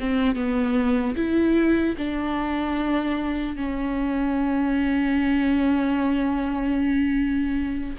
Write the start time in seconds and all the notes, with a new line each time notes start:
0.00 C4
0.36 B3
1.16 E4
1.98 D4
3.56 C#4